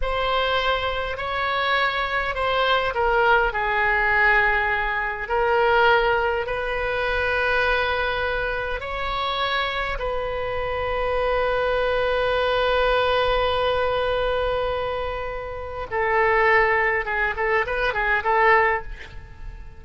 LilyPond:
\new Staff \with { instrumentName = "oboe" } { \time 4/4 \tempo 4 = 102 c''2 cis''2 | c''4 ais'4 gis'2~ | gis'4 ais'2 b'4~ | b'2. cis''4~ |
cis''4 b'2.~ | b'1~ | b'2. a'4~ | a'4 gis'8 a'8 b'8 gis'8 a'4 | }